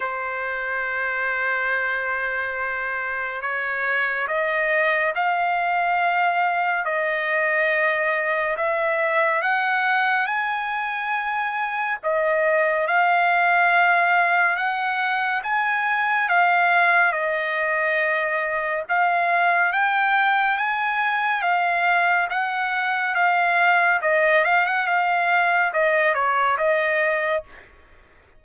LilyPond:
\new Staff \with { instrumentName = "trumpet" } { \time 4/4 \tempo 4 = 70 c''1 | cis''4 dis''4 f''2 | dis''2 e''4 fis''4 | gis''2 dis''4 f''4~ |
f''4 fis''4 gis''4 f''4 | dis''2 f''4 g''4 | gis''4 f''4 fis''4 f''4 | dis''8 f''16 fis''16 f''4 dis''8 cis''8 dis''4 | }